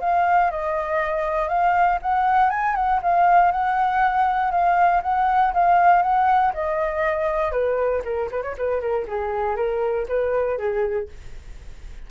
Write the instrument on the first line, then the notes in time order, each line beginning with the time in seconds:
flute
0.00 F5
0.51 D#5
1.48 F5
2.02 F#5
2.50 G#5
2.75 F#5
3.02 F5
3.52 F#5
4.51 F5
5.02 F#5
5.53 F5
6.02 F#5
6.54 D#5
7.51 B4
8.04 A#4
8.31 B4
8.42 C#5
8.57 B4
8.81 A#4
9.07 G#4
9.56 A#4
10.08 B4
10.58 G#4